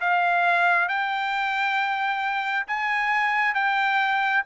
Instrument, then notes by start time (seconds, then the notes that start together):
trumpet
0.00 F5
0.88 G5
2.67 G#5
3.54 G5